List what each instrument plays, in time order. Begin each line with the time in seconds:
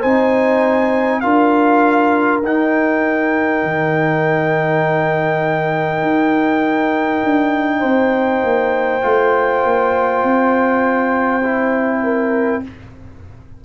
0.00 tuba C4, trombone D#4, horn C5, trumpet G#5
1.21 tuba D4, trombone F4, horn A#4, trumpet F5
2.43 tuba D#4, trombone D#4, trumpet G5
3.63 tuba D#3
6.02 tuba D#4
7.24 tuba D4
7.79 tuba C4, horn C5
8.43 tuba A#3
9.02 tuba A3, trombone F4
9.64 tuba A#3
10.23 tuba C4
11.44 trombone E4
12.03 horn A#4